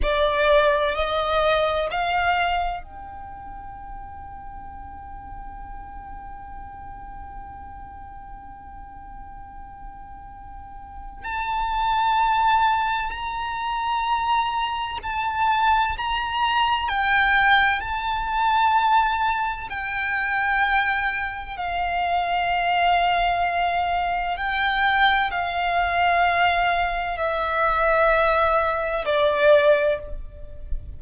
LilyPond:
\new Staff \with { instrumentName = "violin" } { \time 4/4 \tempo 4 = 64 d''4 dis''4 f''4 g''4~ | g''1~ | g''1 | a''2 ais''2 |
a''4 ais''4 g''4 a''4~ | a''4 g''2 f''4~ | f''2 g''4 f''4~ | f''4 e''2 d''4 | }